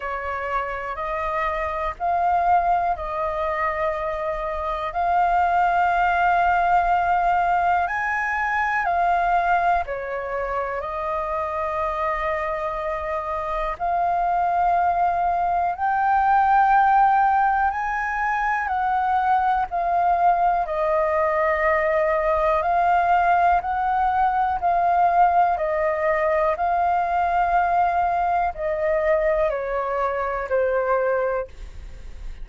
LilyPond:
\new Staff \with { instrumentName = "flute" } { \time 4/4 \tempo 4 = 61 cis''4 dis''4 f''4 dis''4~ | dis''4 f''2. | gis''4 f''4 cis''4 dis''4~ | dis''2 f''2 |
g''2 gis''4 fis''4 | f''4 dis''2 f''4 | fis''4 f''4 dis''4 f''4~ | f''4 dis''4 cis''4 c''4 | }